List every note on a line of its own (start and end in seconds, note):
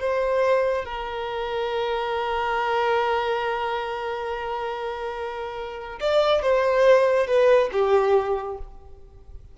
0.00 0.85 C5
0.85 6.00 A#4
6.00 6.42 D5
6.42 7.27 C5
7.27 7.70 B4
7.73 8.58 G4